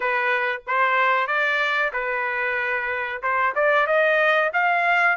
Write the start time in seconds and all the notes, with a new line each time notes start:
0.00 B4
0.67 C5
1.27 D5
1.92 B4
3.22 C5
3.55 D5
3.87 D#5
4.53 F5